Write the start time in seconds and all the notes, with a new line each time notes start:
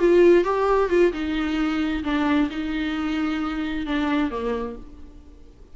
0.00 F4
0.45 G4
0.90 F4
1.13 D#4
2.04 D4
2.51 D#4
3.87 D4
4.31 A#3